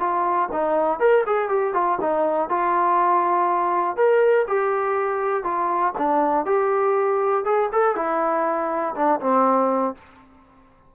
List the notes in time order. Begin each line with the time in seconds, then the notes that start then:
0.00 F4
0.53 D#4
1.00 A#4
1.27 G#4
1.49 G4
1.74 F4
2.01 D#4
2.50 F4
3.97 A#4
4.48 G4
5.44 F4
5.98 D4
6.46 G4
7.45 G#4
7.73 A4
7.96 E4
8.95 D4
9.21 C4